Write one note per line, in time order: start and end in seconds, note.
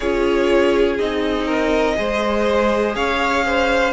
0.00 0.99 C#4
0.00 0.99 F4
0.00 1.46 G#4
0.00 0.97 C#5
0.99 1.98 C4
0.99 1.95 D#4
0.99 2.95 D#5
1.46 1.95 A#4
1.95 2.95 G#3
1.95 3.92 G#4
1.95 2.95 C5
2.95 3.93 C#4
2.95 3.44 C#5
2.95 3.93 F5
3.45 3.93 C5